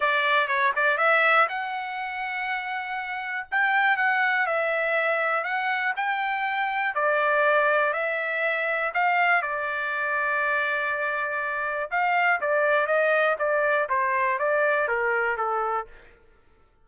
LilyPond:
\new Staff \with { instrumentName = "trumpet" } { \time 4/4 \tempo 4 = 121 d''4 cis''8 d''8 e''4 fis''4~ | fis''2. g''4 | fis''4 e''2 fis''4 | g''2 d''2 |
e''2 f''4 d''4~ | d''1 | f''4 d''4 dis''4 d''4 | c''4 d''4 ais'4 a'4 | }